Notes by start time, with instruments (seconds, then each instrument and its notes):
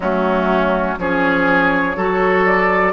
0.00 bassoon F#3, clarinet A3, oboe C#4, flute F#4
0.98 bassoon F3, clarinet C#4, oboe G#4, flute C#5
1.96 bassoon F#3, clarinet F#4, oboe A4
2.46 flute D5